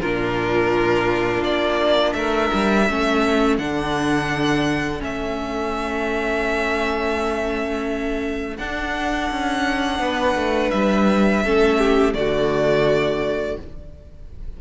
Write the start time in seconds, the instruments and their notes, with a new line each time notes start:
0.00 cello A#2, viola D4, violin F4 A#4
1.42 cello A#3, violin D5
2.13 cello A3, violin A#4 E5
2.53 cello G3
2.86 cello A3, viola C#4, violin A4
3.58 cello D3, viola D4, violin F#5
4.99 cello A3, viola C#4, violin E5
8.57 cello D4, viola D4, violin F#5
9.30 cello C#4
9.99 cello B3, violin B4
10.35 cello A3
10.70 cello G3, violin E5
11.43 cello A3, viola C#4, violin A4
11.78 violin G4
12.13 cello D3, viola A3, violin F#4 D5